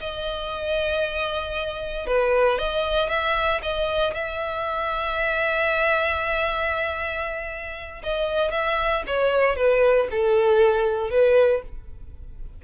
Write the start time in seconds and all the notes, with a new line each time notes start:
0.00 D#5
2.07 B4
2.58 D#5
3.09 E5
3.63 D#5
4.14 E5
8.03 D#5
8.51 E5
9.07 C#5
9.56 B4
10.11 A4
11.10 B4